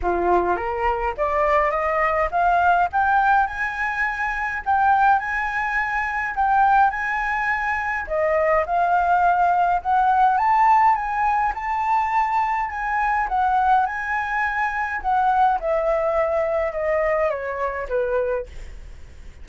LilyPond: \new Staff \with { instrumentName = "flute" } { \time 4/4 \tempo 4 = 104 f'4 ais'4 d''4 dis''4 | f''4 g''4 gis''2 | g''4 gis''2 g''4 | gis''2 dis''4 f''4~ |
f''4 fis''4 a''4 gis''4 | a''2 gis''4 fis''4 | gis''2 fis''4 e''4~ | e''4 dis''4 cis''4 b'4 | }